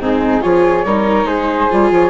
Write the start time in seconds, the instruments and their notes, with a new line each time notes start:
0.00 bassoon G#2, viola C4, flute D#4 G#4
0.41 bassoon F3, viola F4, flute G#4 C#5
0.85 bassoon G3, viola D#4, flute A#4
1.24 bassoon G#3, flute G#4 C5
1.70 bassoon G3, viola F4
1.91 bassoon F3, flute C#5